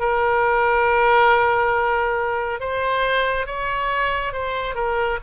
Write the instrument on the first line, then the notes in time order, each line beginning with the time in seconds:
oboe
0.00 A#4
2.60 C5
3.47 C#5
4.34 C5
4.75 A#4